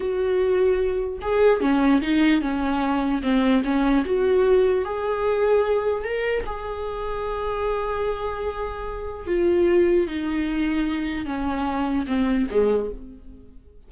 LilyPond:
\new Staff \with { instrumentName = "viola" } { \time 4/4 \tempo 4 = 149 fis'2. gis'4 | cis'4 dis'4 cis'2 | c'4 cis'4 fis'2 | gis'2. ais'4 |
gis'1~ | gis'2. f'4~ | f'4 dis'2. | cis'2 c'4 gis4 | }